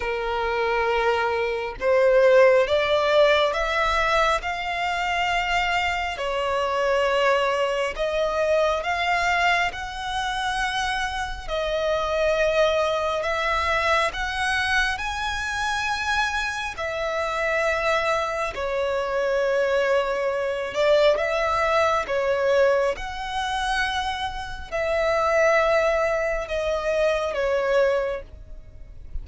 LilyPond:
\new Staff \with { instrumentName = "violin" } { \time 4/4 \tempo 4 = 68 ais'2 c''4 d''4 | e''4 f''2 cis''4~ | cis''4 dis''4 f''4 fis''4~ | fis''4 dis''2 e''4 |
fis''4 gis''2 e''4~ | e''4 cis''2~ cis''8 d''8 | e''4 cis''4 fis''2 | e''2 dis''4 cis''4 | }